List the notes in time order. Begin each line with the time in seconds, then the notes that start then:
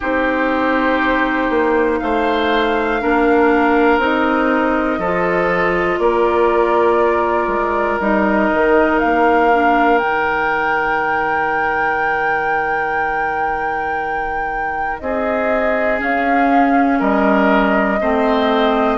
0.00 C4 D#4 G4 C5
1.50 A#3
1.99 A3 C5 F5
3.01 A#3 D4 A#4
3.98 C4 D#4 D#5
4.98 F3 F4 A4
5.98 A#3 A#4 D5
7.47 G#3
7.99 G3 D#4 D#5
8.53 D#3
8.99 A#3 F5
9.52 D4
9.98 D#3 D#4 G5
14.99 C4 G#4 D#5
15.98 C#4 F5
16.99 G3 A#4 D#5
18.00 A3 C4 C5